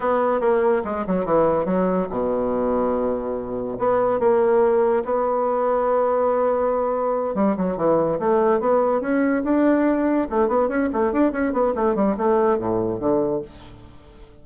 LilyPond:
\new Staff \with { instrumentName = "bassoon" } { \time 4/4 \tempo 4 = 143 b4 ais4 gis8 fis8 e4 | fis4 b,2.~ | b,4 b4 ais2 | b1~ |
b4. g8 fis8 e4 a8~ | a8 b4 cis'4 d'4.~ | d'8 a8 b8 cis'8 a8 d'8 cis'8 b8 | a8 g8 a4 a,4 d4 | }